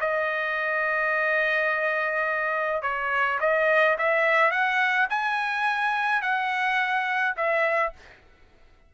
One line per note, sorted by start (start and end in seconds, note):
0.00 2.82 D#5
2.82 3.39 C#5
3.40 3.97 D#5
3.98 4.51 E5
4.51 5.07 F#5
5.09 6.21 G#5
6.21 7.35 F#5
7.36 7.93 E5